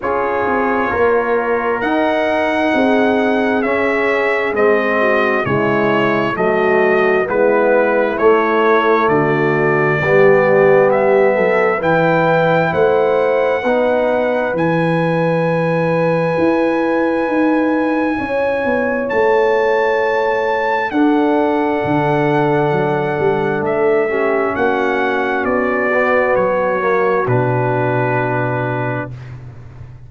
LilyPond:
<<
  \new Staff \with { instrumentName = "trumpet" } { \time 4/4 \tempo 4 = 66 cis''2 fis''2 | e''4 dis''4 cis''4 dis''4 | b'4 cis''4 d''2 | e''4 g''4 fis''2 |
gis''1~ | gis''4 a''2 fis''4~ | fis''2 e''4 fis''4 | d''4 cis''4 b'2 | }
  \new Staff \with { instrumentName = "horn" } { \time 4/4 gis'4 ais'2 gis'4~ | gis'4. fis'8 e'4 fis'4 | e'2 fis'4 g'4~ | g'8 a'8 b'4 c''4 b'4~ |
b'1 | cis''2. a'4~ | a'2~ a'8 g'8 fis'4~ | fis'1 | }
  \new Staff \with { instrumentName = "trombone" } { \time 4/4 f'2 dis'2 | cis'4 c'4 gis4 a4 | b4 a2 b4~ | b4 e'2 dis'4 |
e'1~ | e'2. d'4~ | d'2~ d'8 cis'4.~ | cis'8 b4 ais8 d'2 | }
  \new Staff \with { instrumentName = "tuba" } { \time 4/4 cis'8 c'8 ais4 dis'4 c'4 | cis'4 gis4 cis4 fis4 | gis4 a4 d4 g4~ | g8 fis8 e4 a4 b4 |
e2 e'4 dis'4 | cis'8 b8 a2 d'4 | d4 fis8 g8 a4 ais4 | b4 fis4 b,2 | }
>>